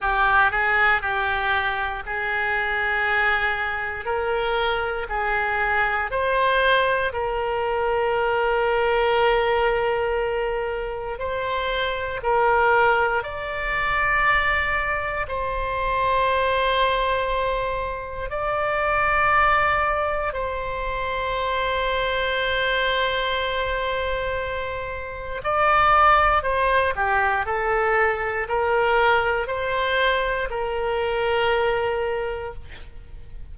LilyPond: \new Staff \with { instrumentName = "oboe" } { \time 4/4 \tempo 4 = 59 g'8 gis'8 g'4 gis'2 | ais'4 gis'4 c''4 ais'4~ | ais'2. c''4 | ais'4 d''2 c''4~ |
c''2 d''2 | c''1~ | c''4 d''4 c''8 g'8 a'4 | ais'4 c''4 ais'2 | }